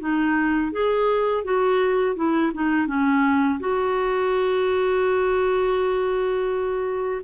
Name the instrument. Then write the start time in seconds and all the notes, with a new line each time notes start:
clarinet
0.00 D#4
0.72 G#4
1.45 F#4
2.16 E4
2.54 D#4
2.87 C#4
3.60 F#4